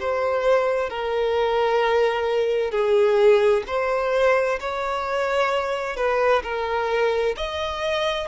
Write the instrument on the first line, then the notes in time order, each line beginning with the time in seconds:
violin
0.00 C5
0.90 A#4
2.71 G#4
3.67 C5
4.60 C#5
5.97 B4
6.44 A#4
7.37 D#5